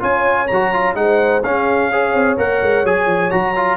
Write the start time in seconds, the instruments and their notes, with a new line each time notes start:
0.00 tuba C#4, trombone F4, horn C#5, trumpet G#5
0.48 tuba F#3, trombone F#4, trumpet A#5
0.74 trombone F4
0.95 tuba G#3, trombone D#4, trumpet F#5
1.01 horn C5
1.43 tuba C#4, trombone C#4, horn G#4, trumpet F5
1.91 trombone G#4, horn C#5
2.14 tuba C4
2.38 tuba A#3, trombone A#4, trumpet F#5
2.62 tuba G#3
2.84 tuba F#3, trombone G#4, trumpet G#5
3.06 tuba F3
3.31 tuba F#3, trombone F#4, trumpet A#5
3.56 trombone F4